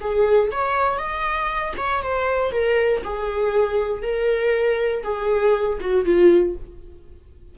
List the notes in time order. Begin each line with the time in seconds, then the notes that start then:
0.00 G#4
0.51 C#5
0.98 D#5
1.77 C#5
2.02 C5
2.51 A#4
3.04 G#4
4.02 A#4
5.03 G#4
5.80 F#4
6.05 F4